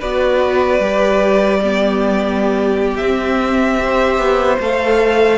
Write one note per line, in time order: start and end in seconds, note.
0.00 0.80 B3
0.00 0.81 F#4
0.00 1.60 B4
0.00 2.97 D5
0.80 3.00 G3
0.80 1.61 G4
1.60 3.03 B3
1.60 3.80 G4
2.97 4.18 C4
2.97 4.57 E5
3.03 3.78 C4
3.78 4.58 G4
3.85 5.38 C5
4.18 4.58 B3
4.60 5.38 A3
4.60 5.38 A4
4.60 5.38 F5